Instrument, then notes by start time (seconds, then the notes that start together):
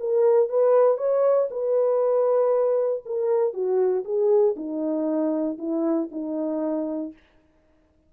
horn
0.00 A#4
0.49 B4
0.98 C#5
1.51 B4
3.06 A#4
3.54 F#4
4.05 G#4
4.56 D#4
5.59 E4
6.12 D#4